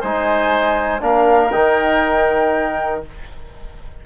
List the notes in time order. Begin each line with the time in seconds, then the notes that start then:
0.00 G#3 D#4 C5 G#5
1.00 A#3 D4 A#4 F5
1.51 D#3 D#4 G5